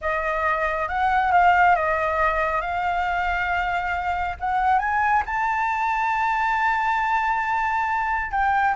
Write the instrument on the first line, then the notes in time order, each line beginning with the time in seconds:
flute
0.01 D#5
0.88 F#5
1.32 F5
1.75 D#5
2.61 F5
4.40 F#5
4.79 G#5
5.25 A5
8.31 G5